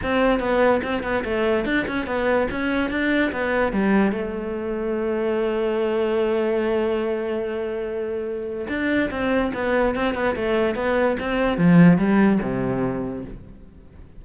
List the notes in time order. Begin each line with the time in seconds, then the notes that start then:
0.02 C4
0.39 B3
0.83 C4
1.03 B3
1.24 A3
1.65 D4
1.87 C#4
2.06 B3
2.50 C#4
2.90 D4
3.31 B3
3.72 G3
4.12 A3
8.68 D4
9.10 C4
9.54 B3
9.95 C4
10.14 B3
10.35 A3
10.75 B3
11.19 C4
11.57 F3
11.97 G3
12.42 C3